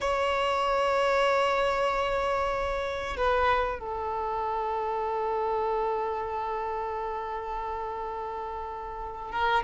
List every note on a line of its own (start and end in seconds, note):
0.01 3.16 C#5
3.17 3.79 B4
3.79 9.31 A4
9.31 9.63 A#4